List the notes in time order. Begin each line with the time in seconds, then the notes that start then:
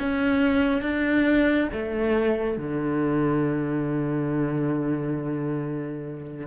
0.00 C#4
0.82 D4
1.73 A3
2.58 D3